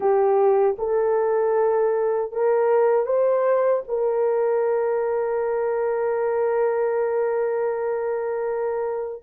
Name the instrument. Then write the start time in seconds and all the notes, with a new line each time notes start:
horn
0.00 G4
0.78 A4
2.32 A#4
3.06 C5
3.87 A#4